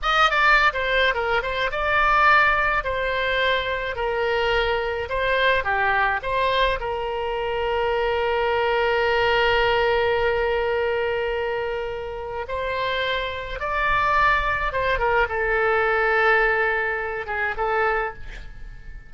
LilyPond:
\new Staff \with { instrumentName = "oboe" } { \time 4/4 \tempo 4 = 106 dis''8 d''8. c''8. ais'8 c''8 d''4~ | d''4 c''2 ais'4~ | ais'4 c''4 g'4 c''4 | ais'1~ |
ais'1~ | ais'2 c''2 | d''2 c''8 ais'8 a'4~ | a'2~ a'8 gis'8 a'4 | }